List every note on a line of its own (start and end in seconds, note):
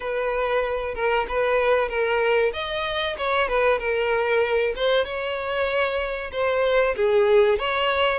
0.00 0.94 B4
0.94 1.26 A#4
1.28 1.89 B4
1.89 2.52 A#4
2.53 3.16 D#5
3.18 3.48 C#5
3.48 3.79 B4
3.79 4.73 A#4
4.75 5.04 C5
5.04 6.31 C#5
6.32 6.95 C5
6.96 7.58 G#4
7.58 8.19 C#5